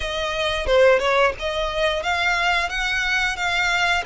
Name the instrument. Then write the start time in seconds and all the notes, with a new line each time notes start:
violin
0.00 D#5
0.66 C5
0.99 C#5
1.39 D#5
2.02 F5
2.69 F#5
3.36 F5